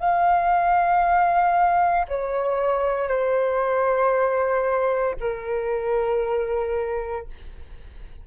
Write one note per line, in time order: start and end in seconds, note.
0.00 2.07 F5
2.08 3.08 C#5
3.08 5.15 C5
5.21 7.27 A#4